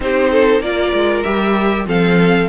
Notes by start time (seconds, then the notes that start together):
0.00 C4 D#4 G4 C5
0.31 A4
0.60 A#3 F4 A#4 D5
0.92 G#3
1.22 G3 G4 E5
1.86 F3 C4 A4 F5